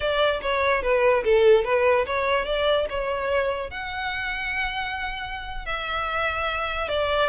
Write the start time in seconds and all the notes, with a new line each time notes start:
0.00 D5
0.41 C#5
0.82 B4
1.24 A4
1.64 B4
2.06 C#5
2.45 D5
2.89 C#5
3.70 F#5
5.65 E5
6.88 D5